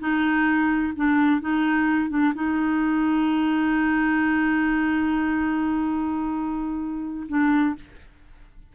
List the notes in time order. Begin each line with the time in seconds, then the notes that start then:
0.00 D#4
0.96 D4
1.41 D#4
2.10 D4
2.35 D#4
7.29 D4